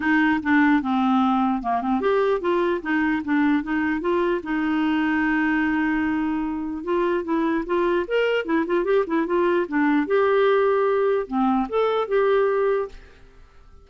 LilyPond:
\new Staff \with { instrumentName = "clarinet" } { \time 4/4 \tempo 4 = 149 dis'4 d'4 c'2 | ais8 c'8 g'4 f'4 dis'4 | d'4 dis'4 f'4 dis'4~ | dis'1~ |
dis'4 f'4 e'4 f'4 | ais'4 e'8 f'8 g'8 e'8 f'4 | d'4 g'2. | c'4 a'4 g'2 | }